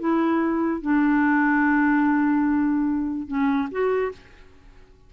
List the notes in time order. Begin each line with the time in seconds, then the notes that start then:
0.00 E4
0.82 D4
3.28 C#4
3.72 F#4